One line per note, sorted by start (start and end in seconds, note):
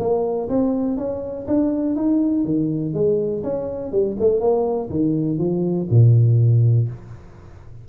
0.00 0.49 A#3
0.50 0.98 C4
0.98 1.47 C#4
1.48 1.96 D4
1.96 2.45 D#4
2.45 2.94 D#3
2.94 3.43 G#3
3.44 3.92 C#4
3.92 4.17 G3
4.20 4.41 A3
4.41 4.90 A#3
4.90 5.39 D#3
5.39 5.88 F3
5.91 6.89 A#2